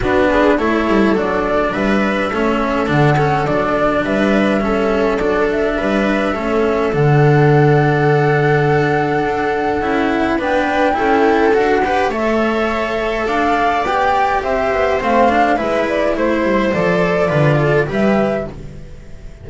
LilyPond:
<<
  \new Staff \with { instrumentName = "flute" } { \time 4/4 \tempo 4 = 104 b'4 cis''4 d''4 e''4~ | e''4 fis''4 d''4 e''4~ | e''4 d''8 e''2~ e''8 | fis''1~ |
fis''2 g''2 | fis''4 e''2 f''4 | g''4 e''4 f''4 e''8 d''8 | c''4 d''2 e''4 | }
  \new Staff \with { instrumentName = "viola" } { \time 4/4 fis'8 gis'8 a'2 b'4 | a'2. b'4 | a'2 b'4 a'4~ | a'1~ |
a'2 b'4 a'4~ | a'8 b'8 cis''2 d''4~ | d''4 c''2 b'4 | c''2 b'8 a'8 b'4 | }
  \new Staff \with { instrumentName = "cello" } { \time 4/4 d'4 e'4 d'2 | cis'4 d'8 cis'8 d'2 | cis'4 d'2 cis'4 | d'1~ |
d'4 e'4 d'4 e'4 | fis'8 g'8 a'2. | g'2 c'8 d'8 e'4~ | e'4 a'4 f'4 g'4 | }
  \new Staff \with { instrumentName = "double bass" } { \time 4/4 b4 a8 g8 fis4 g4 | a4 d4 fis4 g4~ | g4 fis4 g4 a4 | d1 |
d'4 cis'4 b4 cis'4 | d'4 a2 d'4 | b4 c'8 b8 a4 gis4 | a8 g8 f4 d4 g4 | }
>>